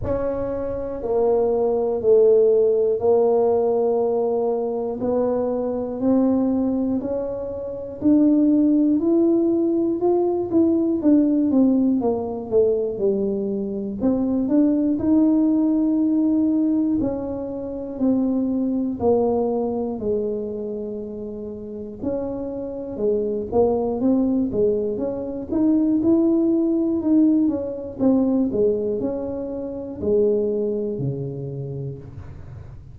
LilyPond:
\new Staff \with { instrumentName = "tuba" } { \time 4/4 \tempo 4 = 60 cis'4 ais4 a4 ais4~ | ais4 b4 c'4 cis'4 | d'4 e'4 f'8 e'8 d'8 c'8 | ais8 a8 g4 c'8 d'8 dis'4~ |
dis'4 cis'4 c'4 ais4 | gis2 cis'4 gis8 ais8 | c'8 gis8 cis'8 dis'8 e'4 dis'8 cis'8 | c'8 gis8 cis'4 gis4 cis4 | }